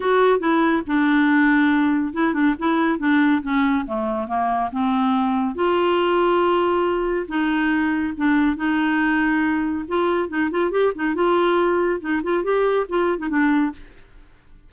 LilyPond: \new Staff \with { instrumentName = "clarinet" } { \time 4/4 \tempo 4 = 140 fis'4 e'4 d'2~ | d'4 e'8 d'8 e'4 d'4 | cis'4 a4 ais4 c'4~ | c'4 f'2.~ |
f'4 dis'2 d'4 | dis'2. f'4 | dis'8 f'8 g'8 dis'8 f'2 | dis'8 f'8 g'4 f'8. dis'16 d'4 | }